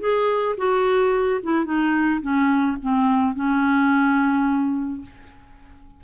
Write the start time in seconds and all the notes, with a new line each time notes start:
0.00 G#4
0.57 F#4
1.43 E4
1.65 D#4
2.21 C#4
2.82 C4
3.35 C#4